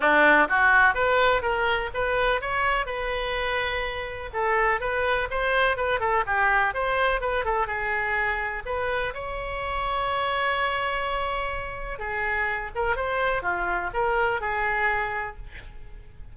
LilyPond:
\new Staff \with { instrumentName = "oboe" } { \time 4/4 \tempo 4 = 125 d'4 fis'4 b'4 ais'4 | b'4 cis''4 b'2~ | b'4 a'4 b'4 c''4 | b'8 a'8 g'4 c''4 b'8 a'8 |
gis'2 b'4 cis''4~ | cis''1~ | cis''4 gis'4. ais'8 c''4 | f'4 ais'4 gis'2 | }